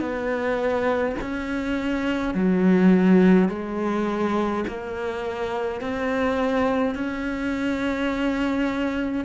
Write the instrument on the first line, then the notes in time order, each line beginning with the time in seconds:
cello
0.00 B3
1.21 C#4
2.34 F#3
3.49 G#3
4.67 A#3
5.81 C4
6.94 C#4